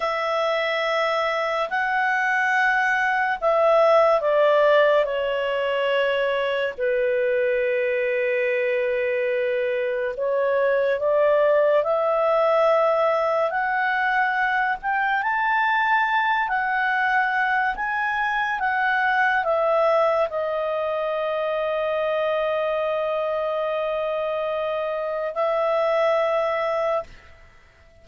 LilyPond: \new Staff \with { instrumentName = "clarinet" } { \time 4/4 \tempo 4 = 71 e''2 fis''2 | e''4 d''4 cis''2 | b'1 | cis''4 d''4 e''2 |
fis''4. g''8 a''4. fis''8~ | fis''4 gis''4 fis''4 e''4 | dis''1~ | dis''2 e''2 | }